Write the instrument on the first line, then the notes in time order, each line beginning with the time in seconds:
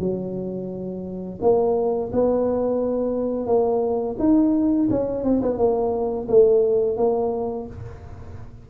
tuba
0.00 F#3
1.42 A#3
2.13 B3
3.47 A#3
4.19 D#4
4.91 C#4
5.25 C4
5.43 B3
5.58 A#3
6.29 A3
6.97 A#3